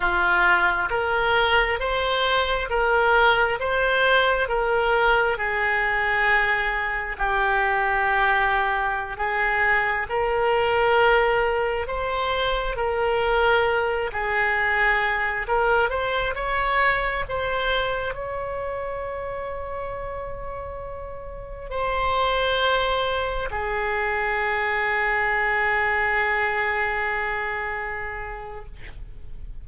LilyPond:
\new Staff \with { instrumentName = "oboe" } { \time 4/4 \tempo 4 = 67 f'4 ais'4 c''4 ais'4 | c''4 ais'4 gis'2 | g'2~ g'16 gis'4 ais'8.~ | ais'4~ ais'16 c''4 ais'4. gis'16~ |
gis'4~ gis'16 ais'8 c''8 cis''4 c''8.~ | c''16 cis''2.~ cis''8.~ | cis''16 c''2 gis'4.~ gis'16~ | gis'1 | }